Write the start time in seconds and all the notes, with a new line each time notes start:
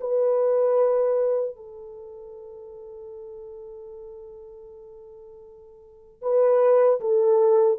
0.00 B4
1.56 A4
6.22 B4
7.00 A4